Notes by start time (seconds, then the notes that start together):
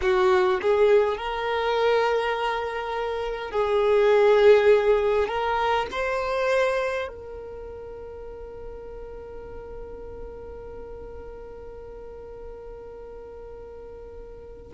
0.01 F#4
0.61 G#4
1.17 A#4
3.51 G#4
5.28 A#4
5.91 C5
7.07 A#4